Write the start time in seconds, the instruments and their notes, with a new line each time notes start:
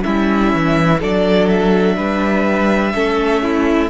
0.00 cello G3, viola C#4, violin E4 E5
0.54 cello E3
0.99 cello F#3, viola D4, violin A4 D5
1.48 violin E5
1.96 cello G3, violin B4
2.94 cello A3, viola C#4, violin A4
3.42 violin E4